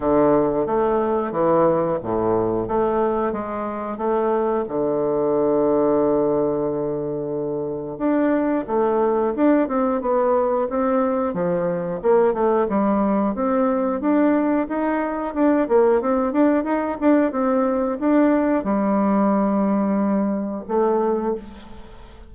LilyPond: \new Staff \with { instrumentName = "bassoon" } { \time 4/4 \tempo 4 = 90 d4 a4 e4 a,4 | a4 gis4 a4 d4~ | d1 | d'4 a4 d'8 c'8 b4 |
c'4 f4 ais8 a8 g4 | c'4 d'4 dis'4 d'8 ais8 | c'8 d'8 dis'8 d'8 c'4 d'4 | g2. a4 | }